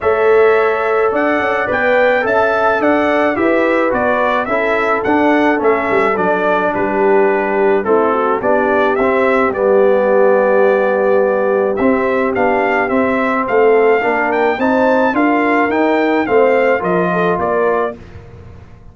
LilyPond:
<<
  \new Staff \with { instrumentName = "trumpet" } { \time 4/4 \tempo 4 = 107 e''2 fis''4 g''4 | a''4 fis''4 e''4 d''4 | e''4 fis''4 e''4 d''4 | b'2 a'4 d''4 |
e''4 d''2.~ | d''4 e''4 f''4 e''4 | f''4. g''8 a''4 f''4 | g''4 f''4 dis''4 d''4 | }
  \new Staff \with { instrumentName = "horn" } { \time 4/4 cis''2 d''2 | e''4 d''4 b'2 | a'1 | g'2 e'8 fis'8 g'4~ |
g'1~ | g'1 | a'4 ais'4 c''4 ais'4~ | ais'4 c''4 ais'8 a'8 ais'4 | }
  \new Staff \with { instrumentName = "trombone" } { \time 4/4 a'2. b'4 | a'2 g'4 fis'4 | e'4 d'4 cis'4 d'4~ | d'2 c'4 d'4 |
c'4 b2.~ | b4 c'4 d'4 c'4~ | c'4 d'4 dis'4 f'4 | dis'4 c'4 f'2 | }
  \new Staff \with { instrumentName = "tuba" } { \time 4/4 a2 d'8 cis'8 b4 | cis'4 d'4 e'4 b4 | cis'4 d'4 a8 g8 fis4 | g2 a4 b4 |
c'4 g2.~ | g4 c'4 b4 c'4 | a4 ais4 c'4 d'4 | dis'4 a4 f4 ais4 | }
>>